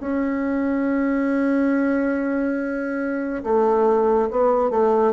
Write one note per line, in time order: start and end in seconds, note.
0.00 3.43 C#4
3.43 4.29 A3
4.31 4.70 B3
4.70 5.13 A3